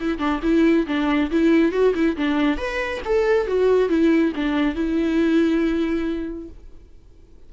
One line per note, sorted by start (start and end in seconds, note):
0.00 0.18 E4
0.18 0.40 D4
0.42 0.86 E4
0.87 1.30 D4
1.31 1.72 E4
1.72 1.93 F#4
1.94 2.16 E4
2.16 2.57 D4
2.57 3.01 B4
3.05 3.47 A4
3.47 3.89 F#4
3.89 4.32 E4
4.35 4.75 D4
4.75 6.49 E4